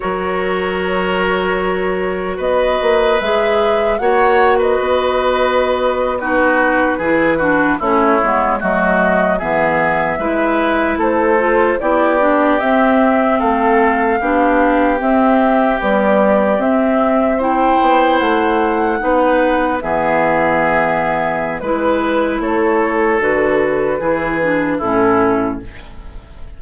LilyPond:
<<
  \new Staff \with { instrumentName = "flute" } { \time 4/4 \tempo 4 = 75 cis''2. dis''4 | e''4 fis''8. dis''2 b'16~ | b'4.~ b'16 cis''4 dis''4 e''16~ | e''4.~ e''16 c''4 d''4 e''16~ |
e''8. f''2 e''4 d''16~ | d''8. e''4 g''4 fis''4~ fis''16~ | fis''8. e''2~ e''16 b'4 | cis''4 b'2 a'4 | }
  \new Staff \with { instrumentName = "oboe" } { \time 4/4 ais'2. b'4~ | b'4 cis''8. b'2 fis'16~ | fis'8. gis'8 fis'8 e'4 fis'4 gis'16~ | gis'8. b'4 a'4 g'4~ g'16~ |
g'8. a'4 g'2~ g'16~ | g'4.~ g'16 c''2 b'16~ | b'8. gis'2~ gis'16 b'4 | a'2 gis'4 e'4 | }
  \new Staff \with { instrumentName = "clarinet" } { \time 4/4 fis'1 | gis'4 fis'2~ fis'8. dis'16~ | dis'8. e'8 d'8 cis'8 b8 a4 b16~ | b8. e'4. f'8 e'8 d'8 c'16~ |
c'4.~ c'16 d'4 c'4 g16~ | g8. c'4 e'2 dis'16~ | dis'8. b2~ b16 e'4~ | e'4 fis'4 e'8 d'8 cis'4 | }
  \new Staff \with { instrumentName = "bassoon" } { \time 4/4 fis2. b8 ais8 | gis4 ais4 b2~ | b8. e4 a8 gis8 fis4 e16~ | e8. gis4 a4 b4 c'16~ |
c'8. a4 b4 c'4 b16~ | b8. c'4. b8 a4 b16~ | b8. e2~ e16 gis4 | a4 d4 e4 a,4 | }
>>